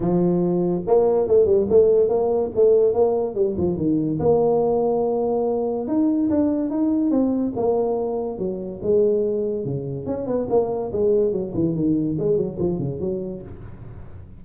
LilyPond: \new Staff \with { instrumentName = "tuba" } { \time 4/4 \tempo 4 = 143 f2 ais4 a8 g8 | a4 ais4 a4 ais4 | g8 f8 dis4 ais2~ | ais2 dis'4 d'4 |
dis'4 c'4 ais2 | fis4 gis2 cis4 | cis'8 b8 ais4 gis4 fis8 e8 | dis4 gis8 fis8 f8 cis8 fis4 | }